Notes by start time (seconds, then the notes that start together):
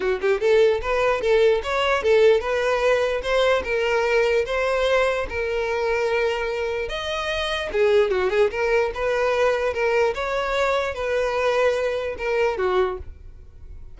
0.00 F#4
0.21 G4
0.40 A4
0.81 B4
1.21 A4
1.63 C#5
2.02 A4
2.40 B4
3.22 C5
3.64 A#4
4.45 C5
5.29 A#4
6.88 D#5
7.72 G#4
8.10 F#4
8.30 G#4
8.50 A#4
8.94 B4
9.73 A#4
10.14 C#5
10.94 B4
12.18 A#4
12.57 F#4